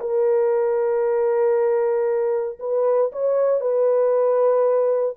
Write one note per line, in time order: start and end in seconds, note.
0.00 2.59 A#4
2.60 3.11 B4
3.12 3.60 C#5
3.60 5.16 B4